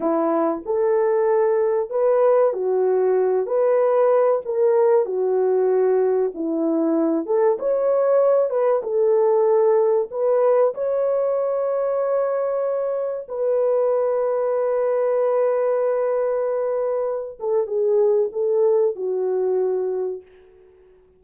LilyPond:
\new Staff \with { instrumentName = "horn" } { \time 4/4 \tempo 4 = 95 e'4 a'2 b'4 | fis'4. b'4. ais'4 | fis'2 e'4. a'8 | cis''4. b'8 a'2 |
b'4 cis''2.~ | cis''4 b'2.~ | b'2.~ b'8 a'8 | gis'4 a'4 fis'2 | }